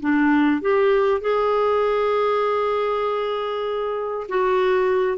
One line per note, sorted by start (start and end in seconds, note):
0.00 0.61 D4
0.61 1.21 G4
1.21 4.27 G#4
4.28 5.18 F#4